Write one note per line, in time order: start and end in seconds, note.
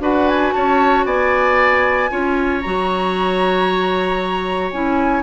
0.00 0.52 D4
0.00 2.09 F#4
0.00 0.54 B4
0.00 0.28 F#5
0.28 0.53 G#5
0.53 1.05 C#4
0.53 1.06 C#5
0.53 1.05 A5
1.05 2.10 B3
1.05 2.11 D5
1.05 2.62 G#5
2.10 2.64 C#4
2.10 2.62 F4
2.10 5.23 C#5
2.62 4.72 F#3
2.62 4.74 F#4
2.62 4.70 A#5
4.71 5.23 C#4
4.71 5.23 E4
4.71 5.23 G#5